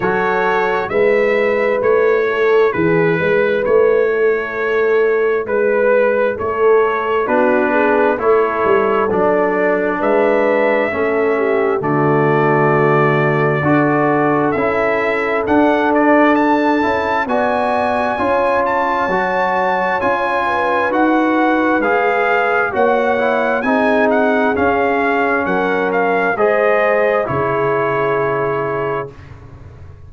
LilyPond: <<
  \new Staff \with { instrumentName = "trumpet" } { \time 4/4 \tempo 4 = 66 cis''4 e''4 cis''4 b'4 | cis''2 b'4 cis''4 | b'4 cis''4 d''4 e''4~ | e''4 d''2. |
e''4 fis''8 d''8 a''4 gis''4~ | gis''8 a''4. gis''4 fis''4 | f''4 fis''4 gis''8 fis''8 f''4 | fis''8 f''8 dis''4 cis''2 | }
  \new Staff \with { instrumentName = "horn" } { \time 4/4 a'4 b'4. a'8 gis'8 b'8~ | b'8 a'4. b'4 a'4 | fis'8 gis'8 a'2 b'4 | a'8 g'8 fis'2 a'4~ |
a'2. d''4 | cis''2~ cis''8 b'4.~ | b'4 cis''4 gis'2 | ais'4 c''4 gis'2 | }
  \new Staff \with { instrumentName = "trombone" } { \time 4/4 fis'4 e'2.~ | e'1 | d'4 e'4 d'2 | cis'4 a2 fis'4 |
e'4 d'4. e'8 fis'4 | f'4 fis'4 f'4 fis'4 | gis'4 fis'8 e'8 dis'4 cis'4~ | cis'4 gis'4 e'2 | }
  \new Staff \with { instrumentName = "tuba" } { \time 4/4 fis4 gis4 a4 e8 gis8 | a2 gis4 a4 | b4 a8 g8 fis4 gis4 | a4 d2 d'4 |
cis'4 d'4. cis'8 b4 | cis'4 fis4 cis'4 dis'4 | gis4 ais4 c'4 cis'4 | fis4 gis4 cis2 | }
>>